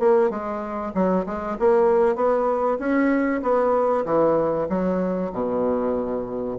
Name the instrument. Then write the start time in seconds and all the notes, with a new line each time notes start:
bassoon
0.00 A#3
0.30 G#3
0.95 F#3
1.26 G#3
1.60 A#3
2.16 B3
2.80 C#4
3.43 B3
4.05 E3
4.70 F#3
5.33 B2